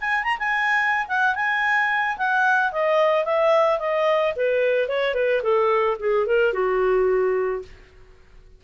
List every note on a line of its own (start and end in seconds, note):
0.00 0.23 G#5
0.23 0.37 A#5
0.38 1.07 G#5
1.07 1.35 F#5
1.35 2.17 G#5
2.17 2.72 F#5
2.72 3.24 D#5
3.24 3.79 E5
3.79 4.33 D#5
4.36 4.88 B4
4.88 5.14 C#5
5.14 5.41 B4
5.42 5.97 A4
5.99 6.26 G#4
6.26 6.53 A#4
6.53 7.62 F#4